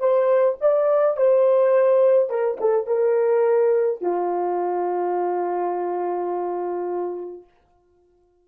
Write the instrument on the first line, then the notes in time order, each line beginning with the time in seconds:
horn
0.00 C5
0.61 D5
1.17 C5
2.30 A#4
2.61 A4
2.87 A#4
4.02 F4